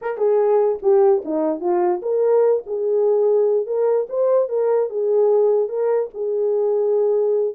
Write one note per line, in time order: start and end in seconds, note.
0.01 0.17 A#4
0.17 0.79 G#4
0.82 1.23 G4
1.24 1.60 D#4
1.60 2.01 F4
2.02 2.63 A#4
2.66 3.66 G#4
3.66 4.07 A#4
4.09 4.48 C5
4.48 4.89 A#4
4.89 5.68 G#4
5.68 6.09 A#4
6.13 7.55 G#4